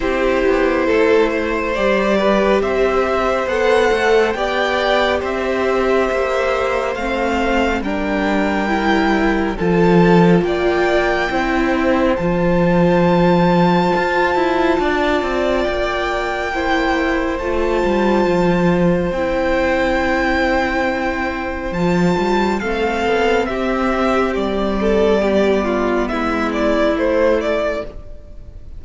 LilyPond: <<
  \new Staff \with { instrumentName = "violin" } { \time 4/4 \tempo 4 = 69 c''2 d''4 e''4 | fis''4 g''4 e''2 | f''4 g''2 a''4 | g''2 a''2~ |
a''2 g''2 | a''2 g''2~ | g''4 a''4 f''4 e''4 | d''2 e''8 d''8 c''8 d''8 | }
  \new Staff \with { instrumentName = "violin" } { \time 4/4 g'4 a'8 c''4 b'8 c''4~ | c''4 d''4 c''2~ | c''4 ais'2 a'4 | d''4 c''2.~ |
c''4 d''2 c''4~ | c''1~ | c''2 a'4 g'4~ | g'8 a'8 g'8 f'8 e'2 | }
  \new Staff \with { instrumentName = "viola" } { \time 4/4 e'2 g'2 | a'4 g'2. | c'4 d'4 e'4 f'4~ | f'4 e'4 f'2~ |
f'2. e'4 | f'2 e'2~ | e'4 f'4 c'2~ | c'4 b2 a4 | }
  \new Staff \with { instrumentName = "cello" } { \time 4/4 c'8 b8 a4 g4 c'4 | b8 a8 b4 c'4 ais4 | a4 g2 f4 | ais4 c'4 f2 |
f'8 e'8 d'8 c'8 ais2 | a8 g8 f4 c'2~ | c'4 f8 g8 a8 b8 c'4 | g2 gis4 a4 | }
>>